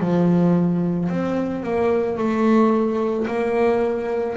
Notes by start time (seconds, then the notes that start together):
0.00 F3
1.09 C4
1.63 A#3
2.18 A3
3.27 A#3